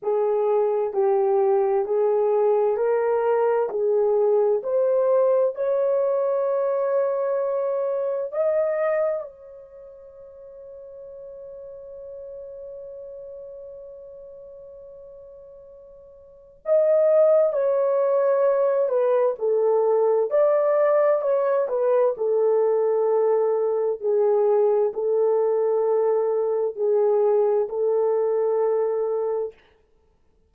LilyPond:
\new Staff \with { instrumentName = "horn" } { \time 4/4 \tempo 4 = 65 gis'4 g'4 gis'4 ais'4 | gis'4 c''4 cis''2~ | cis''4 dis''4 cis''2~ | cis''1~ |
cis''2 dis''4 cis''4~ | cis''8 b'8 a'4 d''4 cis''8 b'8 | a'2 gis'4 a'4~ | a'4 gis'4 a'2 | }